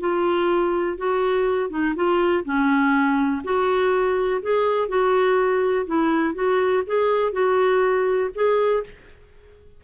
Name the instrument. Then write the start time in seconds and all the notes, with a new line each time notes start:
clarinet
0.00 F4
0.98 F#4
1.70 D#4
1.96 F4
2.45 C#4
3.44 F#4
4.42 G#4
4.88 F#4
5.86 E4
6.34 F#4
6.86 G#4
7.33 F#4
8.35 G#4